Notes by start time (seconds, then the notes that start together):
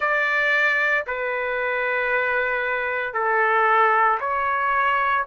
0.00 D5
1.06 B4
3.13 A4
4.20 C#5